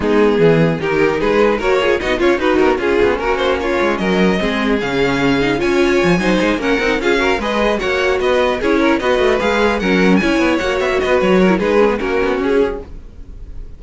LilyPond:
<<
  \new Staff \with { instrumentName = "violin" } { \time 4/4 \tempo 4 = 150 gis'2 ais'4 b'4 | cis''4 dis''8 cis''8 b'8 ais'8 gis'4 | ais'8 c''8 cis''4 dis''2 | f''2 gis''2~ |
gis''8 fis''4 f''4 dis''4 fis''8~ | fis''8 dis''4 cis''4 dis''4 f''8~ | f''8 fis''4 gis''4 fis''8 e''8 dis''8 | cis''4 b'4 ais'4 gis'4 | }
  \new Staff \with { instrumentName = "violin" } { \time 4/4 dis'4 gis'4 g'4 gis'4 | ais'8 gis'8 fis'8 f'8 dis'4 f'4 | fis'4 f'4 ais'4 gis'4~ | gis'2 cis''4. c''8~ |
c''8 ais'4 gis'8 ais'8 b'4 cis''8~ | cis''8 b'4 gis'8 ais'8 b'4.~ | b'8 ais'4 cis''2 b'8~ | b'8 ais'8 gis'4 fis'2 | }
  \new Staff \with { instrumentName = "viola" } { \time 4/4 b2 dis'2 | fis'8 f'8 dis'8 f'8 fis'4 cis'4~ | cis'2. c'4 | cis'4. dis'8 f'4. dis'8~ |
dis'8 cis'8 dis'8 f'8 fis'8 gis'4 fis'8~ | fis'4. e'4 fis'4 gis'8~ | gis'8 cis'4 e'4 fis'4.~ | fis'8. e'16 dis'8 cis'16 b16 cis'2 | }
  \new Staff \with { instrumentName = "cello" } { \time 4/4 gis4 e4 dis4 gis4 | ais4 b8 cis'8 dis'8 b8 cis'8 b8 | ais4. gis8 fis4 gis4 | cis2 cis'4 f8 fis8 |
gis8 ais8 c'8 cis'4 gis4 ais8~ | ais8 b4 cis'4 b8 a8 gis8~ | gis8 fis4 cis'8 b8 ais8 b16 ais16 b8 | fis4 gis4 ais8 b8 cis'4 | }
>>